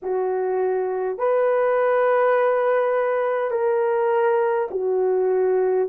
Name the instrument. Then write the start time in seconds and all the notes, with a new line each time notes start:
horn
0.02 F#4
1.18 B4
3.50 A#4
4.71 F#4